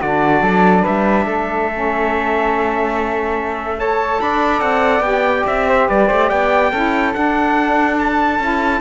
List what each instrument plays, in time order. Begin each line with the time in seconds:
0.00 cello D3, saxophone D4, flute F#4, trumpet D5
0.41 cello F#3, flute A4
0.81 cello G3, flute B4, trumpet E5
1.25 cello A3, flute A4
1.72 saxophone C#4
3.76 saxophone A4, flute C#5, trumpet A5
4.20 cello D4, flute D5, trumpet B5
4.60 cello C4, trumpet F#5
5.00 cello B3, saxophone G4, trumpet G5
5.46 cello C4, trumpet E5
5.68 flute C5
5.87 cello G3, flute B4, trumpet D5
6.07 cello A3, flute C5
6.28 cello B3, flute D5, trumpet G5
6.71 cello C#4, saxophone E4, flute A4
7.12 saxophone D4, cello D4, trumpet F#5
7.98 trumpet A5
8.39 cello C#4, saxophone E4